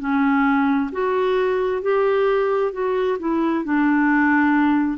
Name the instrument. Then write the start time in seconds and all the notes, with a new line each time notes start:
clarinet
0.00 C#4
0.92 F#4
1.82 G4
2.73 F#4
3.19 E4
3.65 D4